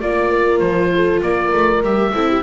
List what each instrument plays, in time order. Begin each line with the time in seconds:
0.00 double bass A#3, viola F4, oboe D5, horn D5
0.30 horn A#4
0.59 double bass F3, oboe C5
0.95 horn A4
1.22 double bass A#3, horn A#4, oboe D5
1.53 double bass A3
1.82 double bass G3, viola G4, oboe E5
2.14 double bass C4, viola E4, horn A4
2.28 horn G4